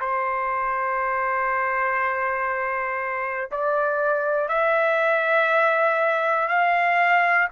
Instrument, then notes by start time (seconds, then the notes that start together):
trumpet
0.00 C5
3.50 D5
4.48 E5
6.48 F5